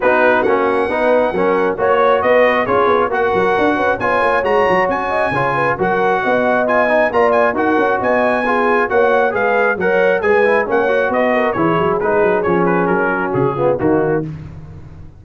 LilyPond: <<
  \new Staff \with { instrumentName = "trumpet" } { \time 4/4 \tempo 4 = 135 b'4 fis''2. | cis''4 dis''4 cis''4 fis''4~ | fis''4 gis''4 ais''4 gis''4~ | gis''4 fis''2 gis''4 |
ais''8 gis''8 fis''4 gis''2 | fis''4 f''4 fis''4 gis''4 | fis''4 dis''4 cis''4 b'4 | cis''8 b'8 ais'4 gis'4 fis'4 | }
  \new Staff \with { instrumentName = "horn" } { \time 4/4 fis'2 b'4 ais'4 | cis''4 b'4 gis'4 ais'4~ | ais'8 b'8 cis''2~ cis''8 dis''8 | cis''8 b'8 ais'4 dis''2 |
d''4 ais'4 dis''4 gis'4 | cis''4 b'4 cis''4 b'4 | cis''4 b'8 ais'8 gis'2~ | gis'4. fis'4 f'8 dis'4 | }
  \new Staff \with { instrumentName = "trombone" } { \time 4/4 dis'4 cis'4 dis'4 cis'4 | fis'2 f'4 fis'4~ | fis'4 f'4 fis'2 | f'4 fis'2 f'8 dis'8 |
f'4 fis'2 f'4 | fis'4 gis'4 ais'4 gis'8 e'8 | cis'8 fis'4. e'4 dis'4 | cis'2~ cis'8 b8 ais4 | }
  \new Staff \with { instrumentName = "tuba" } { \time 4/4 b4 ais4 b4 fis4 | ais4 b4 cis'8 b8 ais8 fis8 | d'8 cis'8 b8 ais8 gis8 fis8 cis'4 | cis4 fis4 b2 |
ais4 dis'8 cis'8 b2 | ais4 gis4 fis4 gis4 | ais4 b4 e8 fis8 gis8 fis8 | f4 fis4 cis4 dis4 | }
>>